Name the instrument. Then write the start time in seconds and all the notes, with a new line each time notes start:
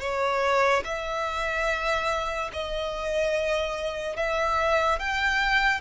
violin
0.00 C#5
0.84 E5
2.53 D#5
4.17 E5
5.00 G5